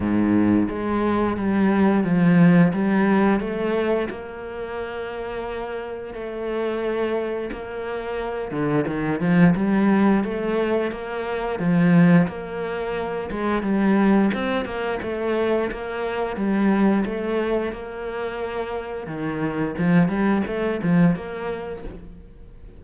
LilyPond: \new Staff \with { instrumentName = "cello" } { \time 4/4 \tempo 4 = 88 gis,4 gis4 g4 f4 | g4 a4 ais2~ | ais4 a2 ais4~ | ais8 d8 dis8 f8 g4 a4 |
ais4 f4 ais4. gis8 | g4 c'8 ais8 a4 ais4 | g4 a4 ais2 | dis4 f8 g8 a8 f8 ais4 | }